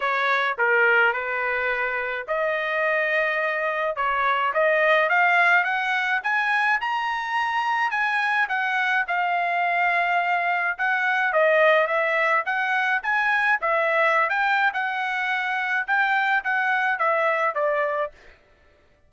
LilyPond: \new Staff \with { instrumentName = "trumpet" } { \time 4/4 \tempo 4 = 106 cis''4 ais'4 b'2 | dis''2. cis''4 | dis''4 f''4 fis''4 gis''4 | ais''2 gis''4 fis''4 |
f''2. fis''4 | dis''4 e''4 fis''4 gis''4 | e''4~ e''16 g''8. fis''2 | g''4 fis''4 e''4 d''4 | }